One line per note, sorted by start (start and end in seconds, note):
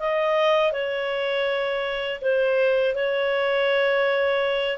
0.00 0.72 D#5
0.72 2.21 C#5
2.22 2.96 C5
2.96 4.78 C#5